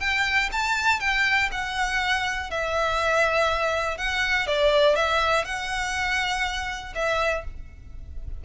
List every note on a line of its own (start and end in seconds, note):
0.00 0.50 G5
0.52 1.00 A5
1.00 1.49 G5
1.51 2.50 F#5
2.50 3.97 E5
3.97 4.47 F#5
4.47 4.95 D5
4.95 5.44 E5
5.44 6.93 F#5
6.95 7.44 E5